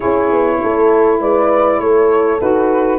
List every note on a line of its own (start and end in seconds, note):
0.00 0.31 C#4
0.00 2.37 E4
0.00 0.58 G#4
0.00 1.20 C#5
0.31 0.61 B3
0.62 1.20 A3
0.62 1.20 A4
1.20 1.79 G#3
1.20 1.80 B4
1.20 1.80 D5
1.79 2.39 A3
1.79 2.98 A4
1.79 2.40 C#5
2.40 2.98 D#4
2.40 2.98 F#4
2.40 2.98 B4